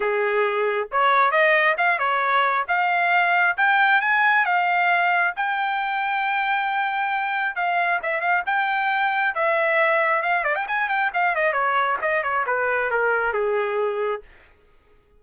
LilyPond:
\new Staff \with { instrumentName = "trumpet" } { \time 4/4 \tempo 4 = 135 gis'2 cis''4 dis''4 | f''8 cis''4. f''2 | g''4 gis''4 f''2 | g''1~ |
g''4 f''4 e''8 f''8 g''4~ | g''4 e''2 f''8 d''16 g''16 | gis''8 g''8 f''8 dis''8 cis''4 dis''8 cis''8 | b'4 ais'4 gis'2 | }